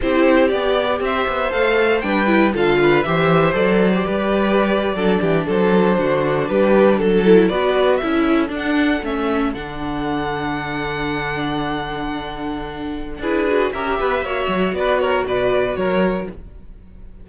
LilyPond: <<
  \new Staff \with { instrumentName = "violin" } { \time 4/4 \tempo 4 = 118 c''4 d''4 e''4 f''4 | g''4 f''4 e''4 d''4~ | d''2~ d''8. c''4~ c''16~ | c''8. b'4 a'4 d''4 e''16~ |
e''8. fis''4 e''4 fis''4~ fis''16~ | fis''1~ | fis''2 b'4 e''4~ | e''4 d''8 cis''8 d''4 cis''4 | }
  \new Staff \with { instrumentName = "violin" } { \time 4/4 g'2 c''2 | b'4 a'8 b'8 c''2 | b'4.~ b'16 a'8 g'8 a'4 fis'16~ | fis'8. g'4 a'4 b'4 a'16~ |
a'1~ | a'1~ | a'2 gis'4 ais'8 b'8 | cis''4 b'8 ais'8 b'4 ais'4 | }
  \new Staff \with { instrumentName = "viola" } { \time 4/4 e'4 g'2 a'4 | d'8 e'8 f'4 g'4 a'8. g'16~ | g'4.~ g'16 d'2~ d'16~ | d'2~ d'16 e'8 fis'4 e'16~ |
e'8. d'4 cis'4 d'4~ d'16~ | d'1~ | d'2 e'8 fis'8 g'4 | fis'1 | }
  \new Staff \with { instrumentName = "cello" } { \time 4/4 c'4 b4 c'8 b8 a4 | g4 d4 e4 fis4 | g4.~ g16 fis8 e8 fis4 d16~ | d8. g4 fis4 b4 cis'16~ |
cis'8. d'4 a4 d4~ d16~ | d1~ | d2 d'4 cis'8 b8 | ais8 fis8 b4 b,4 fis4 | }
>>